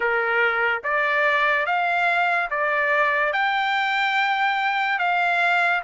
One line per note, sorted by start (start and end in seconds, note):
0.00 0.81 A#4
0.83 1.66 D5
1.66 2.49 F5
2.50 3.33 D5
3.33 4.98 G5
4.98 5.81 F5